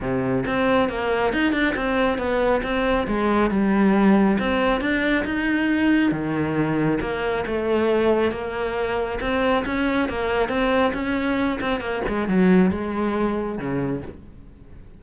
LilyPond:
\new Staff \with { instrumentName = "cello" } { \time 4/4 \tempo 4 = 137 c4 c'4 ais4 dis'8 d'8 | c'4 b4 c'4 gis4 | g2 c'4 d'4 | dis'2 dis2 |
ais4 a2 ais4~ | ais4 c'4 cis'4 ais4 | c'4 cis'4. c'8 ais8 gis8 | fis4 gis2 cis4 | }